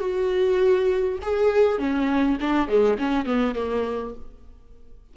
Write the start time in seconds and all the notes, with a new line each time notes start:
0.00 F#4
1.22 G#4
1.78 C#4
2.40 D4
2.68 G#3
2.98 C#4
3.25 B3
3.55 A#3